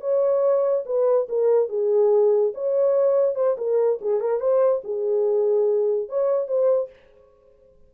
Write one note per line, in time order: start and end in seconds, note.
0.00 0.84 C#5
0.85 1.27 B4
1.29 1.69 A#4
1.69 2.53 G#4
2.54 3.35 C#5
3.35 3.56 C5
3.57 3.99 A#4
4.01 4.20 G#4
4.20 4.40 A#4
4.40 4.82 C5
4.84 6.09 G#4
6.09 6.47 C#5
6.47 6.89 C5